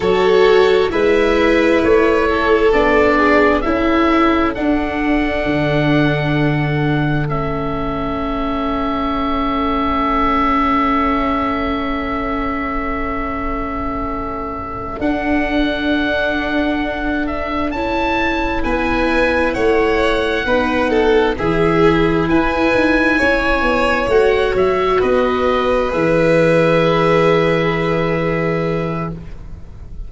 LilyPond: <<
  \new Staff \with { instrumentName = "oboe" } { \time 4/4 \tempo 4 = 66 cis''4 e''4 cis''4 d''4 | e''4 fis''2. | e''1~ | e''1~ |
e''8 fis''2~ fis''8 e''8 a''8~ | a''8 gis''4 fis''2 e''8~ | e''8 gis''2 fis''8 e''8 dis''8~ | dis''8 e''2.~ e''8 | }
  \new Staff \with { instrumentName = "violin" } { \time 4/4 a'4 b'4. a'4 gis'8 | a'1~ | a'1~ | a'1~ |
a'1~ | a'8 b'4 cis''4 b'8 a'8 gis'8~ | gis'8 b'4 cis''2 b'8~ | b'1 | }
  \new Staff \with { instrumentName = "viola" } { \time 4/4 fis'4 e'2 d'4 | e'4 d'2. | cis'1~ | cis'1~ |
cis'8 d'2. e'8~ | e'2~ e'8 dis'4 e'8~ | e'2~ e'8 fis'4.~ | fis'8 gis'2.~ gis'8 | }
  \new Staff \with { instrumentName = "tuba" } { \time 4/4 fis4 gis4 a4 b4 | cis'4 d'4 d2 | a1~ | a1~ |
a8 d'2. cis'8~ | cis'8 b4 a4 b4 e8~ | e8 e'8 dis'8 cis'8 b8 a8 fis8 b8~ | b8 e2.~ e8 | }
>>